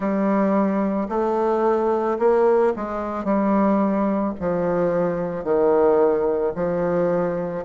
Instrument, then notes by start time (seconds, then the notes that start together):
bassoon
0.00 G3
1.09 A3
2.18 A#3
2.76 G#3
3.24 G3
4.40 F3
5.43 D#3
6.55 F3